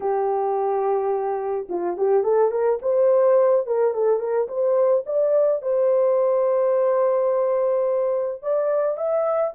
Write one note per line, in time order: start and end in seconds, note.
0.00 1.68 G4
1.69 1.97 F4
1.97 2.23 G4
2.23 2.51 A4
2.51 2.79 A#4
2.82 3.66 C5
3.66 3.94 A#4
3.94 4.19 A4
4.19 4.47 A#4
4.48 5.04 C5
5.06 5.62 D5
5.62 8.42 C5
8.42 8.97 D5
8.97 9.53 E5